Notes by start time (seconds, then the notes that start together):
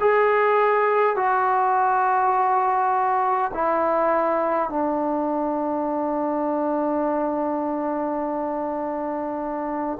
0.00 G#4
1.16 F#4
3.53 E4
4.69 D4